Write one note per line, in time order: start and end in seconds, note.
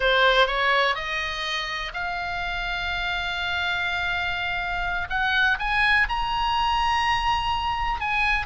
0.00 0.46 C5
0.46 0.95 C#5
0.95 1.91 D#5
1.93 5.08 F5
5.09 5.58 F#5
5.59 6.07 G#5
6.09 8.00 A#5
8.00 8.46 G#5